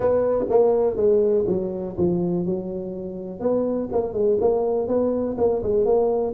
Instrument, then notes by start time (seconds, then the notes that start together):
tuba
0.00 B3
0.49 A#3
0.96 G#3
1.47 F#3
1.97 F3
2.45 F#3
3.40 B3
3.92 A#3
4.13 G#3
4.40 A#3
4.87 B3
5.37 A#3
5.63 G#3
5.85 A#3